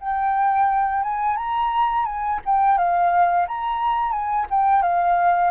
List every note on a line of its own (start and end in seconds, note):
0.00 1.03 G5
1.03 1.36 G#5
1.36 2.05 A#5
2.05 2.39 G#5
2.45 2.77 G5
2.77 3.46 F5
3.48 4.11 A#5
4.11 4.46 G#5
4.50 4.82 G5
4.82 5.50 F5